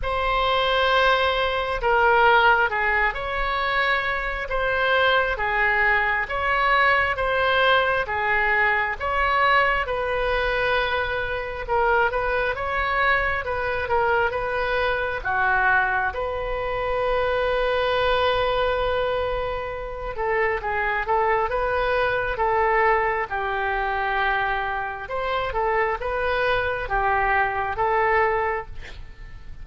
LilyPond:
\new Staff \with { instrumentName = "oboe" } { \time 4/4 \tempo 4 = 67 c''2 ais'4 gis'8 cis''8~ | cis''4 c''4 gis'4 cis''4 | c''4 gis'4 cis''4 b'4~ | b'4 ais'8 b'8 cis''4 b'8 ais'8 |
b'4 fis'4 b'2~ | b'2~ b'8 a'8 gis'8 a'8 | b'4 a'4 g'2 | c''8 a'8 b'4 g'4 a'4 | }